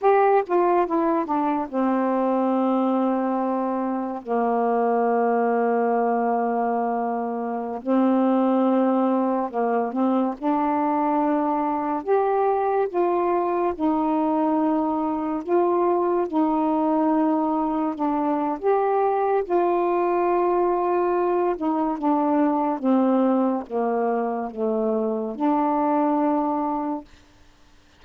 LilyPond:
\new Staff \with { instrumentName = "saxophone" } { \time 4/4 \tempo 4 = 71 g'8 f'8 e'8 d'8 c'2~ | c'4 ais2.~ | ais4~ ais16 c'2 ais8 c'16~ | c'16 d'2 g'4 f'8.~ |
f'16 dis'2 f'4 dis'8.~ | dis'4~ dis'16 d'8. g'4 f'4~ | f'4. dis'8 d'4 c'4 | ais4 a4 d'2 | }